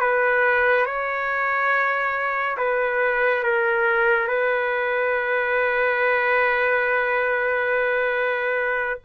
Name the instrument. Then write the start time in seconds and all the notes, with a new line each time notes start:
trumpet
0.00 B4
0.85 C#5
2.57 B4
3.43 A#4
4.27 B4